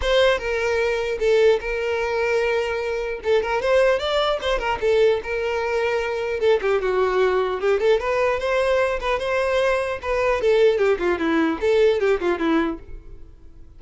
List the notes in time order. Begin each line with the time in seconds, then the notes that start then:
0.01 C5
0.38 A#4
1.19 A4
1.60 A#4
3.23 A4
3.42 A#4
3.61 C5
3.99 D5
4.41 C5
4.58 A#4
4.81 A4
5.23 A#4
6.40 A4
6.61 G4
6.81 F#4
7.60 G4
7.80 A4
7.99 B4
8.39 C5
9.00 B4
9.19 C5
10.01 B4
10.41 A4
10.77 G4
10.98 F4
11.19 E4
11.60 A4
12.00 G4
12.20 F4
12.39 E4